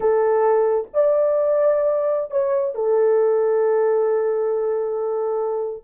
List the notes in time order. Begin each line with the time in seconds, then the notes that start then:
0.00 A4
0.93 D5
2.30 C#5
2.75 A4